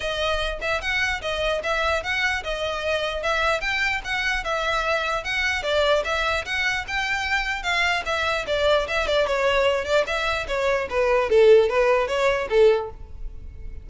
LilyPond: \new Staff \with { instrumentName = "violin" } { \time 4/4 \tempo 4 = 149 dis''4. e''8 fis''4 dis''4 | e''4 fis''4 dis''2 | e''4 g''4 fis''4 e''4~ | e''4 fis''4 d''4 e''4 |
fis''4 g''2 f''4 | e''4 d''4 e''8 d''8 cis''4~ | cis''8 d''8 e''4 cis''4 b'4 | a'4 b'4 cis''4 a'4 | }